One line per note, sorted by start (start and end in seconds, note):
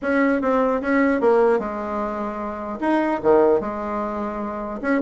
0.01 0.41 C#4
0.41 0.81 C4
0.81 1.21 C#4
1.21 1.59 A#3
1.59 2.79 G#3
2.80 3.20 D#4
3.23 3.60 D#3
3.60 4.80 G#3
4.81 5.01 C#4